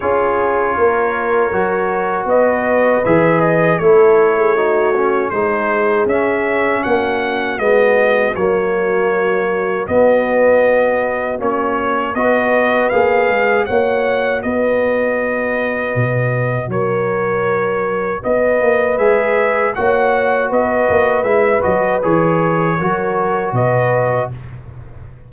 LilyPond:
<<
  \new Staff \with { instrumentName = "trumpet" } { \time 4/4 \tempo 4 = 79 cis''2. dis''4 | e''8 dis''8 cis''2 c''4 | e''4 fis''4 dis''4 cis''4~ | cis''4 dis''2 cis''4 |
dis''4 f''4 fis''4 dis''4~ | dis''2 cis''2 | dis''4 e''4 fis''4 dis''4 | e''8 dis''8 cis''2 dis''4 | }
  \new Staff \with { instrumentName = "horn" } { \time 4/4 gis'4 ais'2 b'4~ | b'4 a'8. gis'16 fis'4 gis'4~ | gis'4 fis'2.~ | fis'1 |
b'2 cis''4 b'4~ | b'2 ais'2 | b'2 cis''4 b'4~ | b'2 ais'4 b'4 | }
  \new Staff \with { instrumentName = "trombone" } { \time 4/4 f'2 fis'2 | gis'4 e'4 dis'8 cis'8 dis'4 | cis'2 b4 ais4~ | ais4 b2 cis'4 |
fis'4 gis'4 fis'2~ | fis'1~ | fis'4 gis'4 fis'2 | e'8 fis'8 gis'4 fis'2 | }
  \new Staff \with { instrumentName = "tuba" } { \time 4/4 cis'4 ais4 fis4 b4 | e4 a2 gis4 | cis'4 ais4 gis4 fis4~ | fis4 b2 ais4 |
b4 ais8 gis8 ais4 b4~ | b4 b,4 fis2 | b8 ais8 gis4 ais4 b8 ais8 | gis8 fis8 e4 fis4 b,4 | }
>>